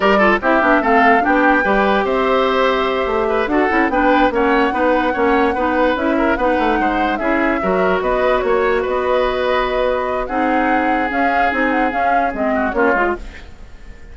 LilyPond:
<<
  \new Staff \with { instrumentName = "flute" } { \time 4/4 \tempo 4 = 146 d''4 e''4 f''4 g''4~ | g''4 e''2.~ | e''8 fis''4 g''4 fis''4.~ | fis''2~ fis''8 e''4 fis''8~ |
fis''4. e''2 dis''8~ | dis''8 cis''4 dis''2~ dis''8~ | dis''4 fis''2 f''4 | gis''8 fis''8 f''4 dis''4 cis''4 | }
  \new Staff \with { instrumentName = "oboe" } { \time 4/4 ais'8 a'8 g'4 a'4 g'4 | b'4 c''2. | b'8 a'4 b'4 cis''4 b'8~ | b'8 cis''4 b'4. ais'8 b'8~ |
b'8 c''4 gis'4 ais'4 b'8~ | b'8 cis''4 b'2~ b'8~ | b'4 gis'2.~ | gis'2~ gis'8 fis'8 f'4 | }
  \new Staff \with { instrumentName = "clarinet" } { \time 4/4 g'8 f'8 e'8 d'8 c'4 d'4 | g'1~ | g'8 fis'8 e'8 d'4 cis'4 dis'8~ | dis'8 cis'4 dis'4 e'4 dis'8~ |
dis'4. e'4 fis'4.~ | fis'1~ | fis'4 dis'2 cis'4 | dis'4 cis'4 c'4 cis'8 f'8 | }
  \new Staff \with { instrumentName = "bassoon" } { \time 4/4 g4 c'8 b8 a4 b4 | g4 c'2~ c'8 a8~ | a8 d'8 cis'8 b4 ais4 b8~ | b8 ais4 b4 cis'4 b8 |
a8 gis4 cis'4 fis4 b8~ | b8 ais4 b2~ b8~ | b4 c'2 cis'4 | c'4 cis'4 gis4 ais8 gis8 | }
>>